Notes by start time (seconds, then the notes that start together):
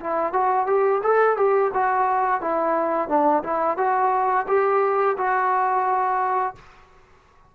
0.00 E4
0.33 F#4
0.67 G4
1.03 A4
1.37 G4
1.74 F#4
2.41 E4
3.08 D4
3.44 E4
3.77 F#4
4.48 G4
5.17 F#4